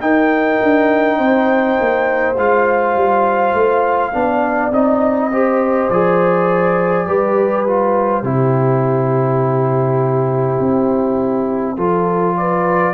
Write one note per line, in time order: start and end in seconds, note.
0.00 0.59 D#4
0.00 2.35 D#4
0.00 1.17 A#4
0.00 2.35 G5
0.62 1.18 D4
1.17 1.77 C4
1.17 4.12 C5
1.80 2.36 A#3
2.36 2.95 G#3
2.36 4.13 F4
2.36 4.73 F5
2.95 3.53 G3
3.53 4.12 A3
4.13 4.70 B3
4.13 4.72 D4
4.13 5.31 D5
4.70 5.88 C4
4.70 5.31 D#4
4.70 5.89 D#5
5.31 5.91 G4
5.31 7.07 C5
5.89 7.07 F3
5.89 7.07 G#4
5.89 7.66 D5
7.07 8.22 G3
7.07 7.66 G4
7.07 8.21 B4
7.66 8.23 F4
7.66 12.36 C5
8.21 10.58 C3
8.21 11.76 E4
8.21 11.74 G4
10.59 11.76 C4
11.76 12.94 F3
11.76 12.94 F4
11.76 12.35 A4
12.36 12.94 B4
12.36 12.94 D5